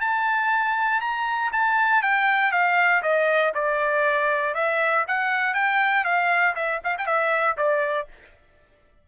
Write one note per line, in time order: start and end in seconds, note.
0.00 1.00 A5
1.00 1.51 A#5
1.52 2.02 A5
2.02 2.51 G5
2.51 3.02 F5
3.02 3.52 D#5
3.54 4.54 D5
4.54 5.05 E5
5.07 5.53 F#5
5.53 6.04 G5
6.04 6.55 F5
6.55 6.80 E5
6.84 6.96 F5
6.98 7.06 G5
7.06 7.56 E5
7.57 8.07 D5